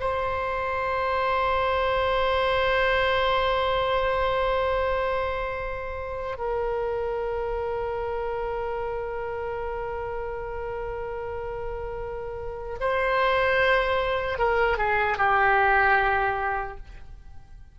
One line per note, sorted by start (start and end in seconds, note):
0.00 6.37 C5
6.37 12.77 A#4
12.80 14.39 C5
14.39 14.78 A#4
14.78 15.18 G#4
15.18 16.78 G4